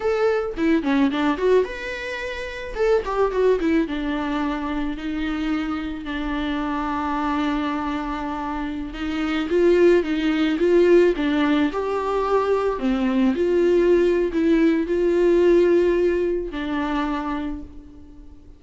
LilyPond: \new Staff \with { instrumentName = "viola" } { \time 4/4 \tempo 4 = 109 a'4 e'8 cis'8 d'8 fis'8 b'4~ | b'4 a'8 g'8 fis'8 e'8 d'4~ | d'4 dis'2 d'4~ | d'1~ |
d'16 dis'4 f'4 dis'4 f'8.~ | f'16 d'4 g'2 c'8.~ | c'16 f'4.~ f'16 e'4 f'4~ | f'2 d'2 | }